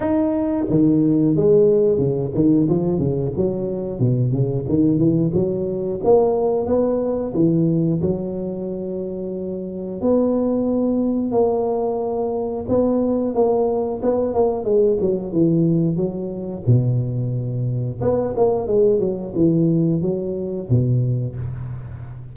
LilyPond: \new Staff \with { instrumentName = "tuba" } { \time 4/4 \tempo 4 = 90 dis'4 dis4 gis4 cis8 dis8 | f8 cis8 fis4 b,8 cis8 dis8 e8 | fis4 ais4 b4 e4 | fis2. b4~ |
b4 ais2 b4 | ais4 b8 ais8 gis8 fis8 e4 | fis4 b,2 b8 ais8 | gis8 fis8 e4 fis4 b,4 | }